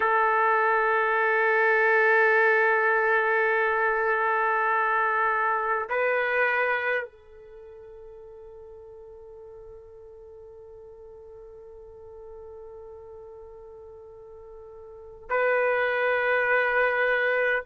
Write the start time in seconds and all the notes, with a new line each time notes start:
0.00 A4
5.89 B4
7.04 A4
15.29 B4